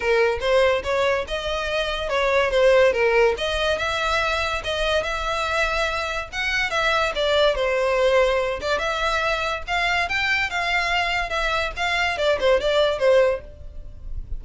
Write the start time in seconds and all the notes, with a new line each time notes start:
0.00 A#4
0.40 C5
0.83 C#5
1.27 D#5
2.09 C#5
2.50 C5
2.92 A#4
3.37 D#5
3.78 E5
4.64 D#5
5.03 E5
6.32 F#5
6.70 E5
7.15 D5
7.55 C5
8.61 D5
8.78 E5
9.67 F5
10.08 G5
10.50 F5
11.29 E5
11.76 F5
12.17 D5
12.40 C5
12.60 D5
12.98 C5